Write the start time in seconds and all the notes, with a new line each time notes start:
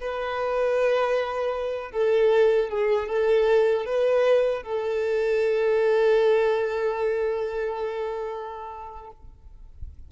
0.00 B4
1.92 A4
2.69 G#4
3.07 A4
3.86 B4
4.63 A4